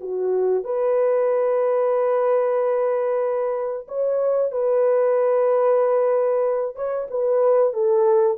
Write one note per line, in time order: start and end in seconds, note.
0.00 0.64 F#4
0.64 3.87 B4
3.88 4.51 C#5
4.51 6.75 B4
6.75 7.08 C#5
7.10 7.73 B4
7.73 8.38 A4